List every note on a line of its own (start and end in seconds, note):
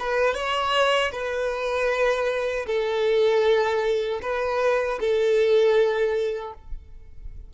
0.00 0.35 B4
0.35 1.12 C#5
1.13 2.66 B4
2.67 4.21 A4
4.23 5.00 B4
5.00 6.54 A4